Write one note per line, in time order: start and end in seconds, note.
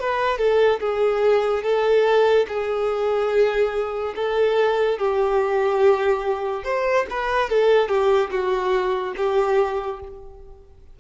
0.00 0.38 B4
0.38 0.80 A4
0.80 1.63 G#4
1.63 2.47 A4
2.48 4.15 G#4
4.16 4.98 A4
4.98 6.64 G4
6.64 7.06 C5
7.10 7.50 B4
7.50 7.89 A4
7.89 8.30 G4
8.31 9.14 F#4
9.17 10.00 G4